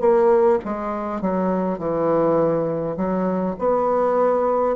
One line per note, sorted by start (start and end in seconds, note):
0.00 0.59 A#3
0.65 1.21 G#3
1.21 1.78 F#3
1.78 2.96 E3
2.97 3.56 F#3
3.59 4.76 B3